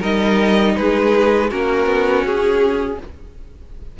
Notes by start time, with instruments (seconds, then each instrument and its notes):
0.00 cello G3, viola D#4, violin A#4 D#5
0.77 cello G#3, violin G#4 B4
1.50 cello A#3, viola C#4, violin F#4 A#4
1.87 cello B3
2.24 cello C#4, violin G#4